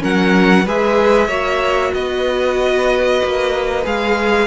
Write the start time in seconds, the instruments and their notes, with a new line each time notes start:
0.00 cello F#3, viola C#4, violin A#4 F#5
0.66 cello G#3, viola G#4, violin B4 E5
1.28 cello A#3, viola F#4, violin C#5
1.94 cello B3, violin B4 D#5
3.24 cello A#3
3.84 cello G#3, viola G#4, violin F5